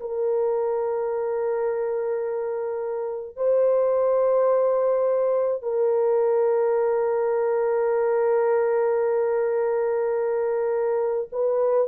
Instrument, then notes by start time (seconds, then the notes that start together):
horn
0.00 A#4
3.36 C5
5.62 A#4
11.32 B4